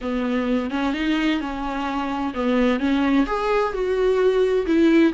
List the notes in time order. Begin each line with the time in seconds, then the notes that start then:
0.01 B3
0.70 C#4
0.93 D#4
1.40 C#4
2.34 B3
2.79 C#4
3.26 G#4
3.73 F#4
4.66 E4